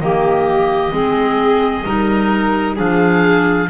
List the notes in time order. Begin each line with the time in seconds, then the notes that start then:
0.00 D#3 A#3 G4 D#5
0.91 G#3 C4 G#4
1.85 G3 D#4 A#4
2.75 F3 D4 G#4 F5